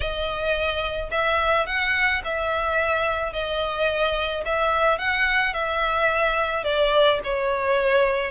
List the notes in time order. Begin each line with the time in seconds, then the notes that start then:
0.00 D#5
1.11 E5
1.66 F#5
2.24 E5
3.33 D#5
4.45 E5
4.98 F#5
5.53 E5
6.64 D5
7.23 C#5